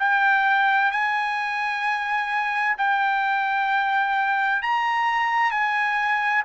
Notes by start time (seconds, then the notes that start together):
0.00 G5
0.91 G#5
2.78 G5
4.63 A#5
5.51 G#5